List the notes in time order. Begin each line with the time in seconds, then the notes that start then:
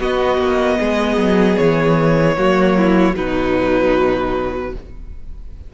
0.00 B3 F#4 D#5
0.38 A#3
0.80 G#3 G#4
1.18 F#3
1.57 E3 C#5
2.37 F#3 A#3 F#4
2.78 E4
3.14 B2 F#3 D#4 B4